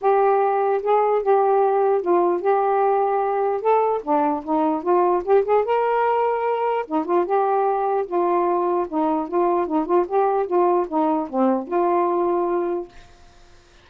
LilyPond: \new Staff \with { instrumentName = "saxophone" } { \time 4/4 \tempo 4 = 149 g'2 gis'4 g'4~ | g'4 f'4 g'2~ | g'4 a'4 d'4 dis'4 | f'4 g'8 gis'8 ais'2~ |
ais'4 dis'8 f'8 g'2 | f'2 dis'4 f'4 | dis'8 f'8 g'4 f'4 dis'4 | c'4 f'2. | }